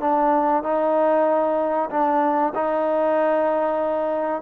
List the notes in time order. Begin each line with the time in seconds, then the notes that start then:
0.00 D4
0.63 D#4
1.90 D4
2.54 D#4